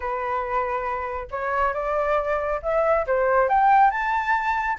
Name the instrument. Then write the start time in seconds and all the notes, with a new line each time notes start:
flute
0.00 B4
1.30 C#5
1.73 D5
2.62 E5
3.06 C5
3.48 G5
3.91 A5